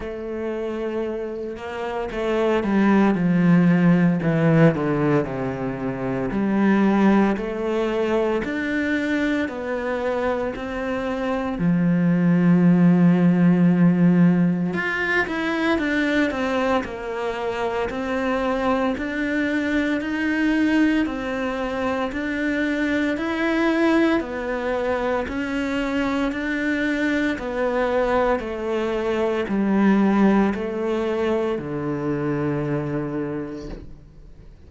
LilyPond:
\new Staff \with { instrumentName = "cello" } { \time 4/4 \tempo 4 = 57 a4. ais8 a8 g8 f4 | e8 d8 c4 g4 a4 | d'4 b4 c'4 f4~ | f2 f'8 e'8 d'8 c'8 |
ais4 c'4 d'4 dis'4 | c'4 d'4 e'4 b4 | cis'4 d'4 b4 a4 | g4 a4 d2 | }